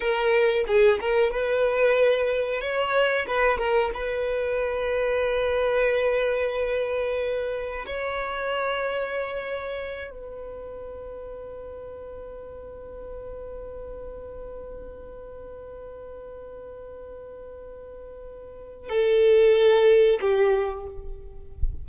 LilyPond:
\new Staff \with { instrumentName = "violin" } { \time 4/4 \tempo 4 = 92 ais'4 gis'8 ais'8 b'2 | cis''4 b'8 ais'8 b'2~ | b'1 | cis''2.~ cis''8 b'8~ |
b'1~ | b'1~ | b'1~ | b'4 a'2 g'4 | }